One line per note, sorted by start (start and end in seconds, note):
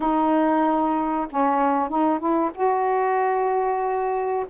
0.00 1.27 D#4
1.30 1.89 C#4
1.89 2.19 D#4
2.19 2.51 E4
2.54 4.45 F#4